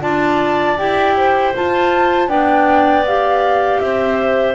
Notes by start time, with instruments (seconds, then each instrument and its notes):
0.00 double bass D4, clarinet F4 D5, flute A5
0.78 double bass E4, clarinet G4, flute G5
1.16 clarinet C5
1.54 clarinet F4, double bass F4, flute A5
2.27 double bass B3, clarinet D4 D5, flute G5
3.05 clarinet G4, flute F5
3.79 double bass C4, clarinet C5, flute E5